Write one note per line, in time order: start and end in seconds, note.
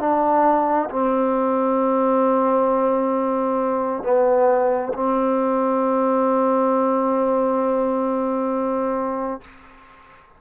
0.00 0.90 D4
0.90 4.03 C4
4.03 4.93 B3
4.94 9.42 C4